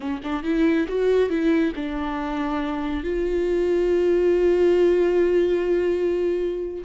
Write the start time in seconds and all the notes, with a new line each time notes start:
0.00 C#4
0.23 D4
0.43 E4
0.88 F#4
1.29 E4
1.75 D4
3.03 F4